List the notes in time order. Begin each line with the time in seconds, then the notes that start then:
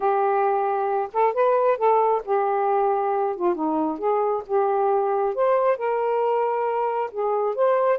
0.00 G4
1.13 A4
1.33 B4
1.77 A4
2.24 G4
3.36 F4
3.54 D#4
3.98 G#4
4.46 G4
5.34 C5
5.77 A#4
7.11 G#4
7.55 C5